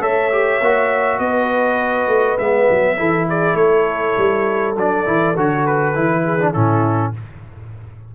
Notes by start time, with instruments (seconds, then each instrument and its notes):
0.00 tuba A3, trombone A4, horn C#5, trumpet E5
0.31 trombone G4
0.61 tuba A#3, trombone F#4
1.19 tuba B3, horn B4, trumpet D#5
2.07 tuba A3
2.38 tuba G#3, trombone B3, trumpet E5
2.70 tuba F#3
2.97 tuba E3, trombone E4, horn A4
3.28 horn G#4, trumpet D5
3.54 tuba A3, horn A4, trumpet C#5
4.17 tuba G3
4.76 tuba F#3, trombone D4, trumpet D5
5.05 tuba E3, trombone E4
5.36 tuba D3, trombone F#4, trumpet C#5
5.66 trumpet B4
5.94 tuba E3, trombone E4
6.24 horn G#4
6.39 trombone D4
6.52 tuba A2, trombone C#4, horn E4, trumpet A4